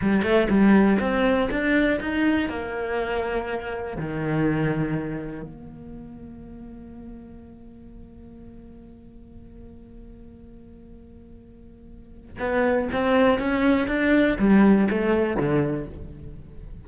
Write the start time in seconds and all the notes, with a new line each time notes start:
0.01 G3
0.23 A3
0.49 G3
0.99 C4
1.50 D4
2.00 D#4
2.49 A#3
3.96 D#3
5.42 A#3
12.39 B3
12.92 C4
13.39 C#4
13.87 D4
14.38 G3
14.90 A3
15.37 D3